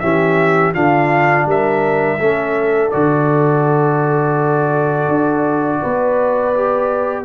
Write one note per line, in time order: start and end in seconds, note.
0.00 0.75 E3
0.00 0.74 C#4
0.00 0.74 G4
0.00 0.72 E5
0.74 1.46 D3
0.74 2.19 D4
0.74 1.47 F4
0.74 1.47 F5
1.46 2.18 G3
1.46 2.19 A#4
1.46 2.91 E5
2.19 2.92 A3
2.19 2.91 C#4
2.19 5.81 A4
2.91 5.08 D3
2.91 6.54 F#4
2.91 7.25 D5
5.08 5.81 D4
5.82 7.25 B3
5.82 7.25 B4
6.55 7.25 G4